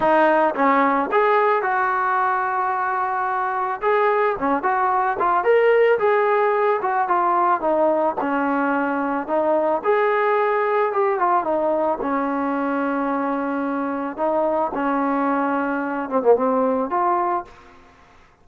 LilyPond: \new Staff \with { instrumentName = "trombone" } { \time 4/4 \tempo 4 = 110 dis'4 cis'4 gis'4 fis'4~ | fis'2. gis'4 | cis'8 fis'4 f'8 ais'4 gis'4~ | gis'8 fis'8 f'4 dis'4 cis'4~ |
cis'4 dis'4 gis'2 | g'8 f'8 dis'4 cis'2~ | cis'2 dis'4 cis'4~ | cis'4. c'16 ais16 c'4 f'4 | }